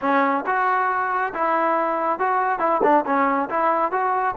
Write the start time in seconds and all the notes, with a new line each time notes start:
0.01 C#4
0.46 F#4
1.34 E4
2.19 F#4
2.59 E4
2.83 D4
3.06 C#4
3.49 E4
3.91 F#4